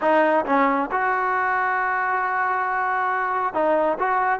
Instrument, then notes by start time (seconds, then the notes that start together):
trombone
0.01 D#4
0.45 C#4
0.91 F#4
3.54 D#4
3.98 F#4